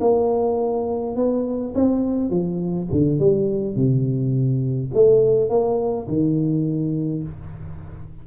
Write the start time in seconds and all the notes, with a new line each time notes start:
0.00 A#3
1.16 B3
1.74 C4
2.29 F3
2.91 D3
3.19 G3
3.75 C3
4.94 A3
5.49 A#3
6.07 D#3